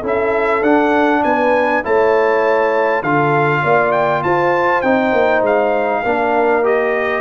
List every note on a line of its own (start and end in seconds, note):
0.00 0.62 C#4
0.00 0.63 E4
0.00 1.20 A4
0.07 0.63 E5
0.62 1.22 D4
0.62 1.84 D4
0.62 1.23 F#5
1.24 1.85 B3
1.24 1.85 B4
1.24 1.83 G#5
1.84 3.03 A3
1.84 3.04 E4
1.84 3.02 C#5
1.84 3.03 A5
3.02 3.63 D3
3.02 4.84 F4
3.02 3.62 A4
3.02 3.92 F5
3.63 4.24 A#3
3.63 4.23 D5
3.92 4.22 G5
4.23 4.83 F4
4.23 6.03 C5
4.23 4.82 A5
4.82 5.12 C4
4.82 6.04 D#4
4.82 5.42 G5
5.12 5.42 A#3
5.42 6.02 G#3
5.42 6.66 F5
6.03 7.21 A#3
6.03 6.64 D4
6.03 7.21 A#4
6.64 7.21 G4
6.64 7.21 D#5